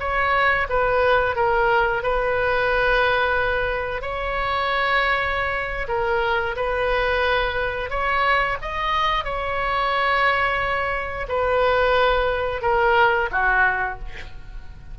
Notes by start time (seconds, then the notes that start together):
0.00 C#5
0.70 B4
1.36 A#4
2.03 B4
4.02 C#5
5.88 A#4
6.56 B4
7.90 C#5
8.62 D#5
9.25 C#5
11.29 B4
12.62 A#4
13.32 F#4